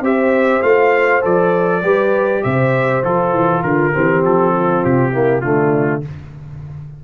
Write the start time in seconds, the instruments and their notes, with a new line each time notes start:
0.00 tuba C4, trombone G4, horn C5, trumpet E5
0.62 tuba A3, trombone F4, trumpet F5
1.21 tuba F3, trombone A4, trumpet D5
1.82 tuba G3, trombone G4, horn B4
2.43 tuba C3, horn C5, trumpet E5
3.03 tuba F3, trombone F4, trumpet A4
3.32 tuba E3
3.62 tuba D3, horn F4, trumpet A#4
3.93 tuba E3, trombone C4, horn G4
4.24 tuba F3, trumpet A4
4.54 horn F4
4.84 tuba C3, trumpet G4
5.12 trombone A#3, horn E4
5.41 tuba D3, trombone A3, horn D4, trumpet F4